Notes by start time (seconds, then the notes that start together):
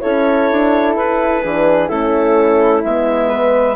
0.00 C#4 E4 A4 C#5
0.51 D4
0.96 E4 B4
1.43 E3 D4 G#4
1.89 A3 C#4 E4 A4
2.83 G#3 B3 E5
3.29 B4